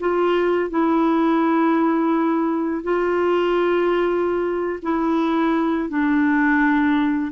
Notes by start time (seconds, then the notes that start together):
0.00 F4
0.70 E4
2.83 F4
4.82 E4
5.89 D4